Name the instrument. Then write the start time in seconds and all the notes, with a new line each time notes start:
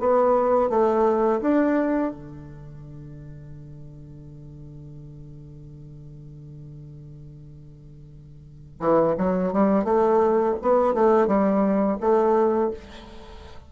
bassoon
0.00 B3
0.70 A3
1.42 D4
2.12 D3
8.80 E3
9.18 F#3
9.53 G3
9.85 A3
10.62 B3
10.94 A3
11.28 G3
12.01 A3